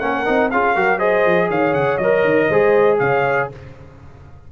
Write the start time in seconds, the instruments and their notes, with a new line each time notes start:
0.00 tuba A#3, trombone C#4, horn A#4, trumpet F#5
0.26 tuba C4, trombone D#4
0.51 tuba C#4, trombone F4, horn G#4, trumpet F5
0.75 tuba F#3, trombone F#4, horn A#4
0.98 trombone G#4, horn C5, trumpet D#5
1.26 tuba F3
1.50 tuba D#3, horn C#5, trumpet F5
1.74 tuba C#3, trumpet F#5
1.98 tuba F#3, trombone A#4, trumpet D#5
2.25 tuba D#3
2.49 tuba G#3, trombone G#4, horn C5
2.99 tuba C#3, horn C#5, trumpet F5